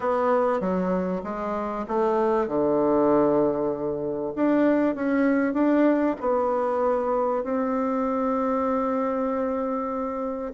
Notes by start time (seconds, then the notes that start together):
0.00 B3
0.60 F#3
1.23 G#3
1.88 A3
2.47 D3
4.35 D4
4.95 C#4
5.53 D4
6.20 B3
7.43 C4